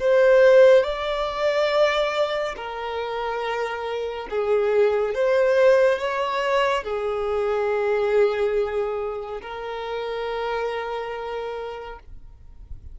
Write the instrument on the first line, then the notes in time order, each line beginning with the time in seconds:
violin
0.00 C5
0.84 D5
2.57 A#4
4.31 G#4
5.15 C5
5.99 C#5
6.84 G#4
9.42 A#4